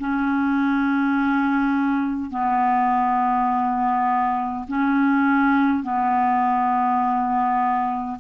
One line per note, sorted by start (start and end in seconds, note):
0.00 2.31 C#4
2.31 4.66 B3
4.68 5.83 C#4
5.83 8.19 B3